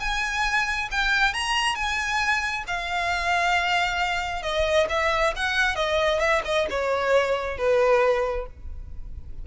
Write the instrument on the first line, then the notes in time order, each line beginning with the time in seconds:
violin
0.00 G#5
0.91 G5
1.33 A#5
1.75 G#5
2.67 F5
4.42 D#5
4.89 E5
5.36 F#5
5.76 D#5
6.19 E5
6.45 D#5
6.70 C#5
7.57 B4